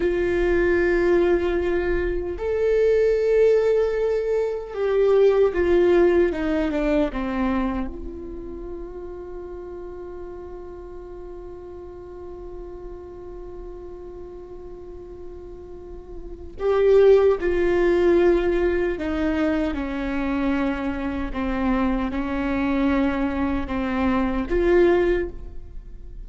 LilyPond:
\new Staff \with { instrumentName = "viola" } { \time 4/4 \tempo 4 = 76 f'2. a'4~ | a'2 g'4 f'4 | dis'8 d'8 c'4 f'2~ | f'1~ |
f'1~ | f'4 g'4 f'2 | dis'4 cis'2 c'4 | cis'2 c'4 f'4 | }